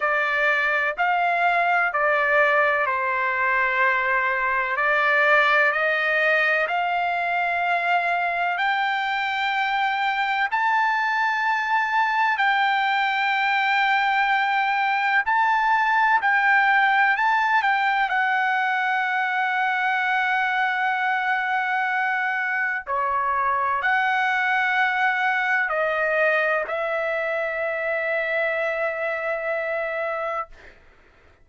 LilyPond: \new Staff \with { instrumentName = "trumpet" } { \time 4/4 \tempo 4 = 63 d''4 f''4 d''4 c''4~ | c''4 d''4 dis''4 f''4~ | f''4 g''2 a''4~ | a''4 g''2. |
a''4 g''4 a''8 g''8 fis''4~ | fis''1 | cis''4 fis''2 dis''4 | e''1 | }